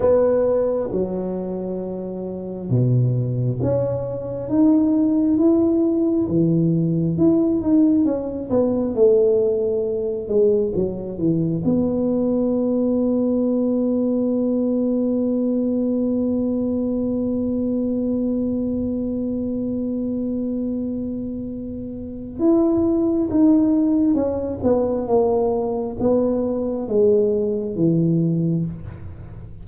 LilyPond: \new Staff \with { instrumentName = "tuba" } { \time 4/4 \tempo 4 = 67 b4 fis2 b,4 | cis'4 dis'4 e'4 e4 | e'8 dis'8 cis'8 b8 a4. gis8 | fis8 e8 b2.~ |
b1~ | b1~ | b4 e'4 dis'4 cis'8 b8 | ais4 b4 gis4 e4 | }